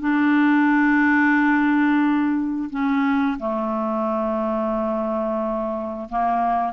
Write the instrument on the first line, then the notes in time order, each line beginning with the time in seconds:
clarinet
0.00 D4
2.70 C#4
3.39 A3
6.09 A#3